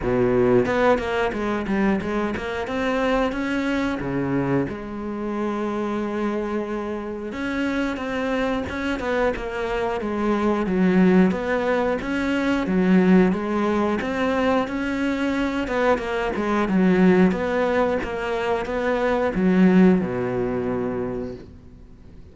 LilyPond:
\new Staff \with { instrumentName = "cello" } { \time 4/4 \tempo 4 = 90 b,4 b8 ais8 gis8 g8 gis8 ais8 | c'4 cis'4 cis4 gis4~ | gis2. cis'4 | c'4 cis'8 b8 ais4 gis4 |
fis4 b4 cis'4 fis4 | gis4 c'4 cis'4. b8 | ais8 gis8 fis4 b4 ais4 | b4 fis4 b,2 | }